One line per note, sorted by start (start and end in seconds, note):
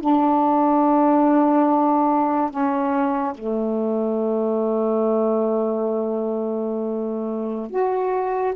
0.00 2.50 D4
2.50 3.33 C#4
3.34 7.70 A3
7.70 8.53 F#4